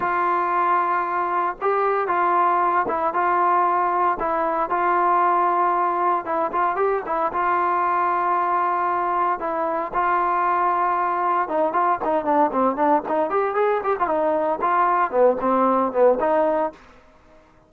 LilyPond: \new Staff \with { instrumentName = "trombone" } { \time 4/4 \tempo 4 = 115 f'2. g'4 | f'4. e'8 f'2 | e'4 f'2. | e'8 f'8 g'8 e'8 f'2~ |
f'2 e'4 f'4~ | f'2 dis'8 f'8 dis'8 d'8 | c'8 d'8 dis'8 g'8 gis'8 g'16 f'16 dis'4 | f'4 b8 c'4 b8 dis'4 | }